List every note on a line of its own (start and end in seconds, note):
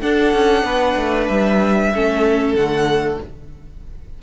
0.00 1.93 D4
0.00 0.33 D4
0.00 0.64 A4
0.00 1.28 F#5
0.33 0.63 C#4
0.63 0.95 B3
0.63 1.92 B4
0.96 1.28 A3
1.28 1.93 G3
1.28 2.55 E5
1.94 2.54 A3
1.94 2.58 C#4
1.94 3.22 A4
2.54 3.18 D3
2.54 3.22 A3
2.54 3.18 F#5